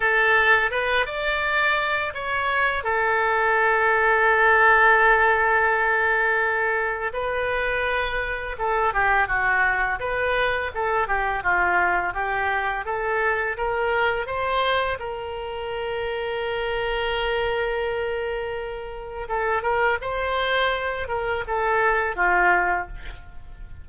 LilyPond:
\new Staff \with { instrumentName = "oboe" } { \time 4/4 \tempo 4 = 84 a'4 b'8 d''4. cis''4 | a'1~ | a'2 b'2 | a'8 g'8 fis'4 b'4 a'8 g'8 |
f'4 g'4 a'4 ais'4 | c''4 ais'2.~ | ais'2. a'8 ais'8 | c''4. ais'8 a'4 f'4 | }